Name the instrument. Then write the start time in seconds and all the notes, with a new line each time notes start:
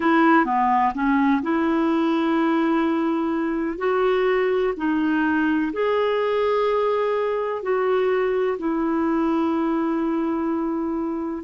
clarinet
0.00 E4
0.45 B3
0.94 C#4
1.42 E4
3.78 F#4
4.76 D#4
5.72 G#4
7.62 F#4
8.58 E4